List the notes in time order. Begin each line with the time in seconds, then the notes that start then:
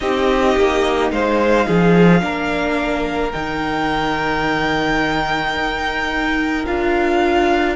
0.00 C4 D#4 G4 D#5
0.56 A#3
1.11 G#3 C5 F5
1.66 F3 G#4
2.20 A#3 D4 A#4
3.32 D#3 D#4 G5
5.53 D#4
6.66 D4 F4 F5